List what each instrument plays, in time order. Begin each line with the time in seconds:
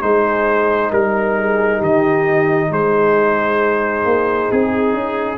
0.00 tuba G#3, trombone D#4, horn G#4, trumpet C5
0.91 tuba G3, horn A#4, trumpet A#4
1.37 horn G#4
1.78 tuba D#3, horn G4, trumpet D#5
2.71 tuba G#3, horn G#4, trumpet C5
4.05 tuba A#3
4.51 tuba C4, trumpet G#4
4.93 tuba C#4